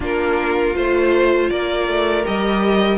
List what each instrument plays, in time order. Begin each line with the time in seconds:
0.00 cello A#3, viola D4, violin F4 A#4
0.74 cello A3, viola F4, violin C5
1.50 cello A#3, violin A#4 D5
1.88 cello A3
2.23 cello G3, viola G4, violin D#5